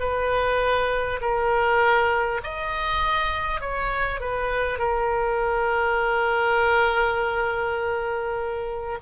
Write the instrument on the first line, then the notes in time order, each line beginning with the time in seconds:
oboe
0.00 B4
1.22 A#4
2.44 D#5
3.61 C#5
4.21 B4
4.79 A#4